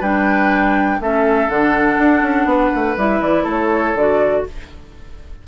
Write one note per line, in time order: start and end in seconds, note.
0.00 0.99 G3
0.00 1.01 D4
0.00 0.98 B4
0.00 1.01 G5
1.00 1.48 A3
1.00 1.49 C#4
1.00 2.48 A4
1.00 1.49 E5
1.48 1.98 D3
1.48 2.97 D4
1.48 2.97 F#5
1.98 2.22 D4
2.22 2.45 C#4
2.45 2.70 B3
2.45 3.43 B4
2.75 2.97 A3
2.97 3.21 G3
2.97 3.96 E4
2.97 3.22 E5
3.21 3.45 E3
3.21 3.46 D5
3.43 3.95 A3
3.43 4.42 A4
3.49 3.97 C#5
3.95 4.44 D3
3.95 4.48 F#4
3.95 4.46 D5